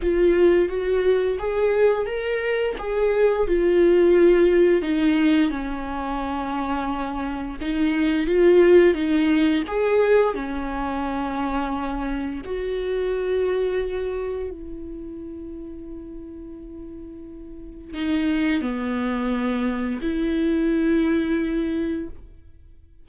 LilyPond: \new Staff \with { instrumentName = "viola" } { \time 4/4 \tempo 4 = 87 f'4 fis'4 gis'4 ais'4 | gis'4 f'2 dis'4 | cis'2. dis'4 | f'4 dis'4 gis'4 cis'4~ |
cis'2 fis'2~ | fis'4 e'2.~ | e'2 dis'4 b4~ | b4 e'2. | }